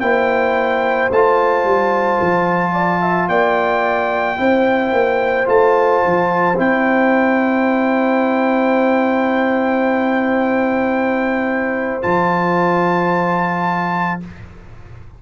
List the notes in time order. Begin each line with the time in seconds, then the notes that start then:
0.00 A#3 E4 C5 G5
1.10 A3 F4 A5
1.64 G3
2.21 F3
2.72 D5
3.01 E5
3.28 A#3 D5 G5
4.36 C4 E4 C5
4.91 A#3
5.45 A3 F4 A5
6.05 F3
6.56 C4 E4 G5
12.02 F3 F4 A5